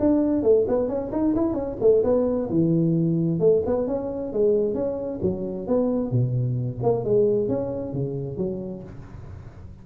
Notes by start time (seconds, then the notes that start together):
0.00 D4
0.43 A3
0.68 B3
0.89 C#4
1.12 D#4
1.36 E4
1.54 C#4
1.81 A3
2.04 B3
2.50 E3
3.40 A3
3.66 B3
3.88 C#4
4.33 G#3
4.75 C#4
5.23 F#3
5.68 B3
6.11 B2
6.83 A#3
7.05 G#3
7.49 C#4
7.93 C#3
8.38 F#3